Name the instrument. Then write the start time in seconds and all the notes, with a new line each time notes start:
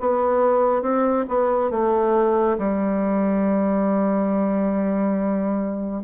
bassoon
0.00 B3
0.82 C4
1.28 B3
1.70 A3
2.58 G3